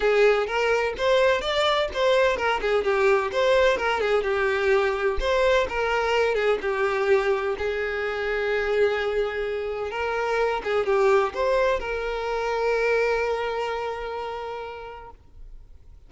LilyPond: \new Staff \with { instrumentName = "violin" } { \time 4/4 \tempo 4 = 127 gis'4 ais'4 c''4 d''4 | c''4 ais'8 gis'8 g'4 c''4 | ais'8 gis'8 g'2 c''4 | ais'4. gis'8 g'2 |
gis'1~ | gis'4 ais'4. gis'8 g'4 | c''4 ais'2.~ | ais'1 | }